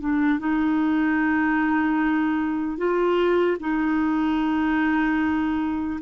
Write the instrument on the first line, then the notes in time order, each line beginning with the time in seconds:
clarinet
0.00 D4
0.39 D#4
2.77 F4
3.60 D#4